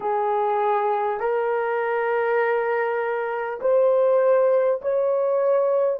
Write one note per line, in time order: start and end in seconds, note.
0.00 1.19 G#4
1.19 3.59 A#4
3.60 4.80 C5
4.81 5.99 C#5